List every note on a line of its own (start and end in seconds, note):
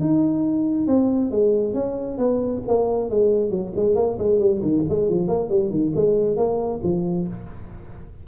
0.00 0.86 D#4
0.86 1.31 C4
1.31 1.73 G#3
1.73 2.17 C#4
2.17 2.61 B3
2.67 3.09 A#3
3.09 3.50 G#3
3.50 3.72 F#3
3.75 3.95 G#3
3.95 4.17 A#3
4.18 4.39 G#3
4.39 4.61 G3
4.61 4.83 D#3
4.89 5.09 G#3
5.09 5.27 F3
5.27 5.49 A#3
5.49 5.70 G3
5.70 5.92 D#3
5.95 6.36 G#3
6.36 6.80 A#3
6.83 7.27 F3